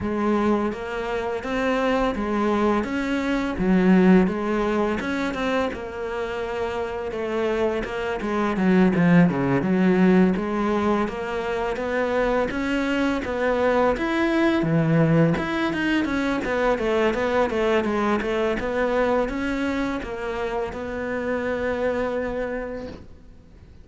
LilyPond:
\new Staff \with { instrumentName = "cello" } { \time 4/4 \tempo 4 = 84 gis4 ais4 c'4 gis4 | cis'4 fis4 gis4 cis'8 c'8 | ais2 a4 ais8 gis8 | fis8 f8 cis8 fis4 gis4 ais8~ |
ais8 b4 cis'4 b4 e'8~ | e'8 e4 e'8 dis'8 cis'8 b8 a8 | b8 a8 gis8 a8 b4 cis'4 | ais4 b2. | }